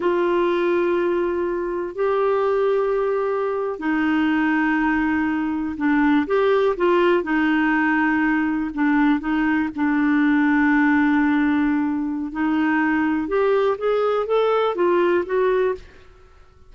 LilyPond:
\new Staff \with { instrumentName = "clarinet" } { \time 4/4 \tempo 4 = 122 f'1 | g'2.~ g'8. dis'16~ | dis'2.~ dis'8. d'16~ | d'8. g'4 f'4 dis'4~ dis'16~ |
dis'4.~ dis'16 d'4 dis'4 d'16~ | d'1~ | d'4 dis'2 g'4 | gis'4 a'4 f'4 fis'4 | }